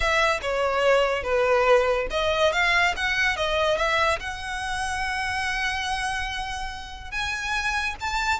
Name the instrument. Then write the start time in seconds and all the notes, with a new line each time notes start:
violin
0.00 E5
0.42 C#5
1.23 B4
2.10 D#5
2.52 F5
2.96 F#5
3.36 D#5
3.77 E5
4.19 F#5
7.11 G#5
8.00 A5